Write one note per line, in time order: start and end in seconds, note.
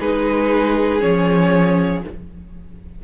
0.00 1.03 G#3
0.00 1.00 D#4
0.00 2.03 G#4
0.00 1.01 B4
1.00 2.04 F3
1.00 2.02 C#4
1.00 2.03 C#5